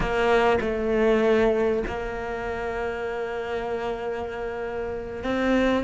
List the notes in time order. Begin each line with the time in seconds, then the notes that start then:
0.00 A#3
0.61 A3
1.87 A#3
5.23 C4